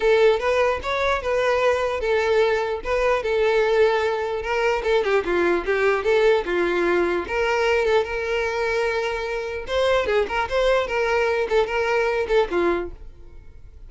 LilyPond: \new Staff \with { instrumentName = "violin" } { \time 4/4 \tempo 4 = 149 a'4 b'4 cis''4 b'4~ | b'4 a'2 b'4 | a'2. ais'4 | a'8 g'8 f'4 g'4 a'4 |
f'2 ais'4. a'8 | ais'1 | c''4 gis'8 ais'8 c''4 ais'4~ | ais'8 a'8 ais'4. a'8 f'4 | }